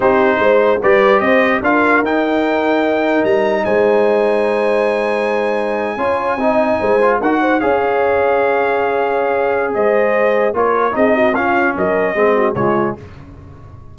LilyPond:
<<
  \new Staff \with { instrumentName = "trumpet" } { \time 4/4 \tempo 4 = 148 c''2 d''4 dis''4 | f''4 g''2. | ais''4 gis''2.~ | gis''1~ |
gis''4.~ gis''16 fis''4 f''4~ f''16~ | f''1 | dis''2 cis''4 dis''4 | f''4 dis''2 cis''4 | }
  \new Staff \with { instrumentName = "horn" } { \time 4/4 g'4 c''4 b'4 c''4 | ais'1~ | ais'4 c''2.~ | c''2~ c''8. cis''4 dis''16~ |
dis''8. c''4 ais'8 c''8 cis''4~ cis''16~ | cis''1 | c''2 ais'4 gis'8 fis'8 | f'4 ais'4 gis'8 fis'8 f'4 | }
  \new Staff \with { instrumentName = "trombone" } { \time 4/4 dis'2 g'2 | f'4 dis'2.~ | dis'1~ | dis'2~ dis'8. f'4 dis'16~ |
dis'4~ dis'16 f'8 fis'4 gis'4~ gis'16~ | gis'1~ | gis'2 f'4 dis'4 | cis'2 c'4 gis4 | }
  \new Staff \with { instrumentName = "tuba" } { \time 4/4 c'4 gis4 g4 c'4 | d'4 dis'2. | g4 gis2.~ | gis2~ gis8. cis'4 c'16~ |
c'8. gis4 dis'4 cis'4~ cis'16~ | cis'1 | gis2 ais4 c'4 | cis'4 fis4 gis4 cis4 | }
>>